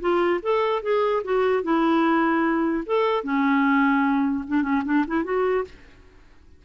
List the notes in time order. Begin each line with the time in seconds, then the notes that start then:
0.00 F4
0.42 A4
0.82 G#4
1.24 F#4
1.63 E4
2.86 A4
3.23 C#4
4.47 D4
4.62 C#4
4.84 D4
5.07 E4
5.24 F#4